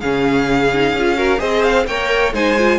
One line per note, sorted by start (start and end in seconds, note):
0.00 0.93 C#3
0.00 0.72 C#4
0.00 1.17 G#4
0.00 1.39 F5
0.73 0.96 D#4
0.93 1.39 C#4
0.93 1.16 F4
1.16 1.38 F#4
1.16 1.39 A#4
1.38 1.86 C4
1.38 1.85 G#4
1.38 1.86 C5
1.38 1.63 D#5
1.63 1.86 F5
1.86 2.33 A#3
1.86 2.34 A#4
1.86 2.33 C#5
1.86 2.33 G5
2.33 2.78 G#3
2.33 2.57 D#4
2.33 2.78 C5
2.33 2.78 G#5
2.58 2.78 F4